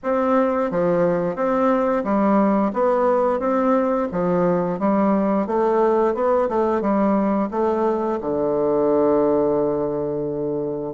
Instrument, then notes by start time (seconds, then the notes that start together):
bassoon
0.03 C4
0.71 F3
1.35 C4
2.03 G3
2.73 B3
3.39 C4
4.11 F3
4.79 G3
5.46 A3
6.14 B3
6.48 A3
6.81 G3
7.50 A3
8.21 D3